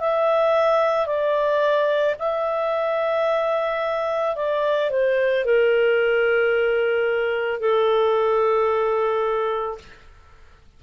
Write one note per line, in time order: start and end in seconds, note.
0.00 1.07 E5
1.07 2.16 D5
2.19 4.36 E5
4.36 4.91 D5
4.91 5.45 C5
5.45 7.61 A#4
7.61 9.79 A4